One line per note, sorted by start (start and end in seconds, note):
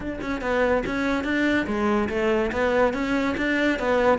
0.00 0.19 D4
0.21 0.41 C#4
0.41 0.83 B3
0.86 1.24 C#4
1.24 1.66 D4
1.66 2.08 G#3
2.09 2.51 A3
2.52 2.93 B3
2.93 3.35 C#4
3.37 3.79 D4
3.79 4.18 B3